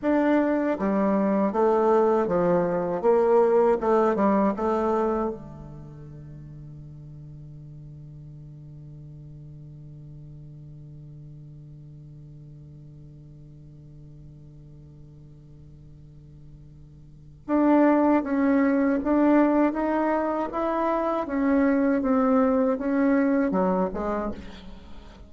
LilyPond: \new Staff \with { instrumentName = "bassoon" } { \time 4/4 \tempo 4 = 79 d'4 g4 a4 f4 | ais4 a8 g8 a4 d4~ | d1~ | d1~ |
d1~ | d2. d'4 | cis'4 d'4 dis'4 e'4 | cis'4 c'4 cis'4 fis8 gis8 | }